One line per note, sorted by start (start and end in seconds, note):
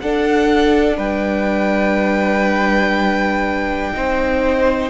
0.00 0.98 D4
0.00 3.94 D4
0.00 0.97 A4
0.00 0.98 F#5
0.97 3.93 G3
0.97 3.92 B4
0.97 4.90 G5
3.94 4.90 C4
3.94 4.90 D#4
3.94 4.90 C5